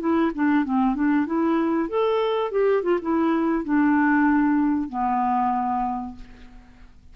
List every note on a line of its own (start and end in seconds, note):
0.00 0.32 E4
0.35 0.65 D4
0.65 0.95 C4
0.95 1.26 D4
1.26 1.89 E4
1.89 2.52 A4
2.52 2.83 G4
2.83 2.99 F4
3.02 3.64 E4
3.64 4.89 D4
4.89 6.16 B3